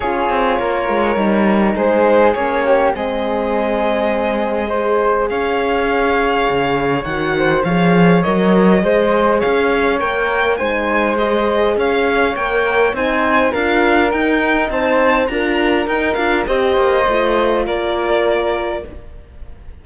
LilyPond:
<<
  \new Staff \with { instrumentName = "violin" } { \time 4/4 \tempo 4 = 102 cis''2. c''4 | cis''4 dis''2.~ | dis''4 f''2. | fis''4 f''4 dis''2 |
f''4 g''4 gis''4 dis''4 | f''4 g''4 gis''4 f''4 | g''4 a''4 ais''4 g''8 f''8 | dis''2 d''2 | }
  \new Staff \with { instrumentName = "flute" } { \time 4/4 gis'4 ais'2 gis'4~ | gis'8 g'8 gis'2. | c''4 cis''2.~ | cis''8 c''8 cis''2 c''4 |
cis''2 c''2 | cis''2 c''4 ais'4~ | ais'4 c''4 ais'2 | c''2 ais'2 | }
  \new Staff \with { instrumentName = "horn" } { \time 4/4 f'2 dis'2 | cis'4 c'2. | gis'1 | fis'4 gis'4 ais'4 gis'4~ |
gis'4 ais'4 dis'4 gis'4~ | gis'4 ais'4 dis'4 f'4 | dis'2 f'4 dis'8 f'8 | g'4 f'2. | }
  \new Staff \with { instrumentName = "cello" } { \time 4/4 cis'8 c'8 ais8 gis8 g4 gis4 | ais4 gis2.~ | gis4 cis'2 cis4 | dis4 f4 fis4 gis4 |
cis'4 ais4 gis2 | cis'4 ais4 c'4 d'4 | dis'4 c'4 d'4 dis'8 d'8 | c'8 ais8 a4 ais2 | }
>>